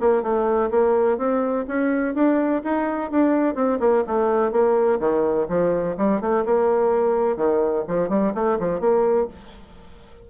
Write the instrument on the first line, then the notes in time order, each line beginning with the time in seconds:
bassoon
0.00 A#3
0.22 A3
0.71 A#3
1.18 C4
1.68 C#4
2.15 D4
2.64 D#4
3.11 D4
3.55 C4
3.80 A#3
4.07 A3
4.52 A#3
5.00 D#3
5.48 F3
5.97 G3
6.21 A3
6.45 A#3
7.36 D#3
7.87 F3
8.09 G3
8.34 A3
8.59 F3
8.80 A#3